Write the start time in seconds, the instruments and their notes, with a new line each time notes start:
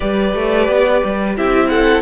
0.00 cello G3, viola G4, violin B4 D5
0.34 cello A3
0.68 cello B3
1.04 cello G3
1.36 cello C4, viola E4, violin G4 E5
1.69 violin A4 F#5